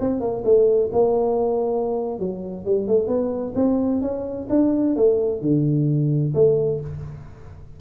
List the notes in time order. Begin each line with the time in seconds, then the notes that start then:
0.00 C4
0.21 A#3
0.44 A3
0.93 A#3
2.19 F#3
2.65 G3
2.88 A3
3.08 B3
3.55 C4
4.02 C#4
4.50 D4
4.96 A3
5.41 D3
6.34 A3